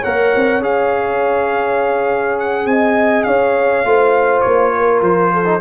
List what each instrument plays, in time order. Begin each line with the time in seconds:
0.00 tuba A#3, trombone A#4, horn C#5, trumpet F#5
0.36 tuba C4
0.60 tuba C#4, trombone G#4, trumpet F5
2.40 trumpet F#5
2.66 tuba C4, horn D#5, trumpet G#5
3.24 tuba C#4, horn C#5, trumpet F5
3.85 tuba A3, trombone F4, horn C5
4.41 tuba A#3, trumpet C#5
4.77 horn A#4
5.02 tuba F3, trumpet C5
5.34 horn A4
5.45 trombone D#4